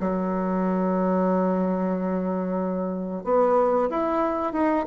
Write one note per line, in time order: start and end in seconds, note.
0.00 3.24 F#3
3.24 3.90 B3
3.90 4.53 E4
4.53 4.85 D#4